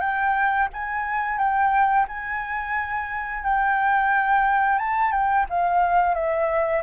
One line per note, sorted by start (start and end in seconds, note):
0.00 0.68 G5
0.73 1.38 G#5
1.38 2.06 G5
2.08 3.43 G#5
3.43 4.78 G5
4.78 5.11 A5
5.11 5.45 G5
5.49 6.14 F5
6.14 6.82 E5